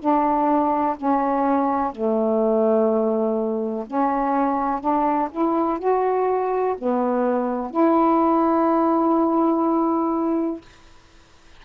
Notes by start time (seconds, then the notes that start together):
0.00 D4
0.97 C#4
1.93 A3
3.88 C#4
4.81 D4
5.32 E4
5.79 F#4
6.78 B3
7.71 E4